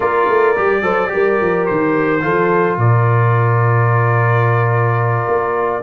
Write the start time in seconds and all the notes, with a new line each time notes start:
0.00 A#3 F4 A#4 D5
0.28 A3
0.56 G3 G4
0.82 F#3 A4 C5
1.08 G4 A#4
1.14 G3
1.41 F3
1.65 D#3 C5
2.21 F3 F4 A4
2.77 A#2 A#4 D5
5.27 A#3